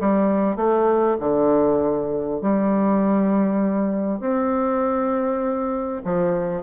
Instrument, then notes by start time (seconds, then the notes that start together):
bassoon
0.00 G3
0.56 A3
1.20 D3
2.42 G3
4.20 C4
6.05 F3